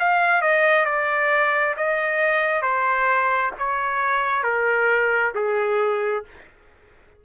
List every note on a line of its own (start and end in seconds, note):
0.00 0.42 F5
0.42 0.85 D#5
0.85 1.75 D5
1.77 2.62 D#5
2.62 3.52 C5
3.59 4.44 C#5
4.44 5.33 A#4
5.35 6.25 G#4